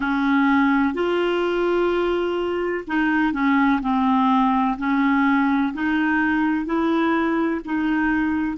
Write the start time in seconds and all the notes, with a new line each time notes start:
0.00 C#4
0.94 F4
2.87 D#4
3.32 C#4
3.81 C4
4.77 C#4
5.73 D#4
6.65 E4
7.65 D#4